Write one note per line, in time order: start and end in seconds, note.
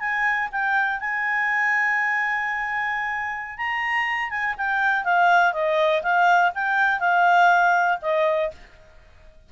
0.00 0.49 G#5
0.52 1.00 G5
1.00 3.57 G#5
3.57 4.30 A#5
4.30 4.55 G#5
4.58 5.05 G5
5.05 5.53 F5
5.53 6.02 D#5
6.02 6.52 F5
6.55 7.00 G5
7.00 7.98 F5
8.02 8.51 D#5